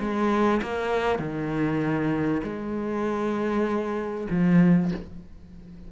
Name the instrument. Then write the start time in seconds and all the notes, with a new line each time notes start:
cello
0.00 G#3
0.63 A#3
1.19 D#3
2.44 G#3
4.31 F3